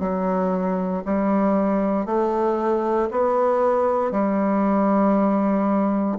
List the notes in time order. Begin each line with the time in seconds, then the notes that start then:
0.00 F#3
1.05 G3
2.05 A3
3.11 B3
4.11 G3